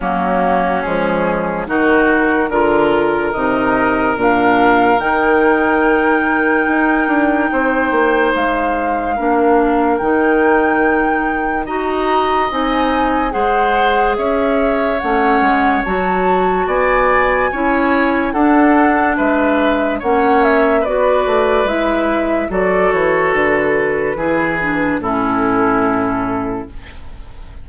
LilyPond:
<<
  \new Staff \with { instrumentName = "flute" } { \time 4/4 \tempo 4 = 72 fis'4 gis'4 ais'2 | dis''4 f''4 g''2~ | g''2 f''2 | g''2 ais''4 gis''4 |
fis''4 e''4 fis''4 a''4 | gis''2 fis''4 e''4 | fis''8 e''8 d''4 e''4 d''8 cis''8 | b'2 a'2 | }
  \new Staff \with { instrumentName = "oboe" } { \time 4/4 cis'2 fis'4 ais'4~ | ais'1~ | ais'4 c''2 ais'4~ | ais'2 dis''2 |
c''4 cis''2. | d''4 cis''4 a'4 b'4 | cis''4 b'2 a'4~ | a'4 gis'4 e'2 | }
  \new Staff \with { instrumentName = "clarinet" } { \time 4/4 ais4 gis4 dis'4 f'4 | dis'4 d'4 dis'2~ | dis'2. d'4 | dis'2 fis'4 dis'4 |
gis'2 cis'4 fis'4~ | fis'4 e'4 d'2 | cis'4 fis'4 e'4 fis'4~ | fis'4 e'8 d'8 cis'2 | }
  \new Staff \with { instrumentName = "bassoon" } { \time 4/4 fis4 f4 dis4 d4 | c4 ais,4 dis2 | dis'8 d'8 c'8 ais8 gis4 ais4 | dis2 dis'4 c'4 |
gis4 cis'4 a8 gis8 fis4 | b4 cis'4 d'4 gis4 | ais4 b8 a8 gis4 fis8 e8 | d4 e4 a,2 | }
>>